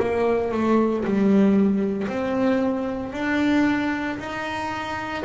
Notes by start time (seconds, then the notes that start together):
0.00 A#3
0.52 A3
1.05 G3
2.08 C4
3.13 D4
4.20 D#4